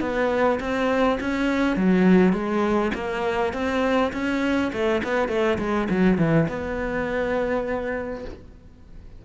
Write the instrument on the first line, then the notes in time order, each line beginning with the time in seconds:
cello
0.00 B3
0.60 C4
1.20 C#4
1.76 F#3
2.33 G#3
2.94 A#3
3.53 C4
4.13 C#4
4.72 A3
5.03 B3
5.28 A3
5.58 G#3
5.89 F#3
6.18 E3
6.48 B3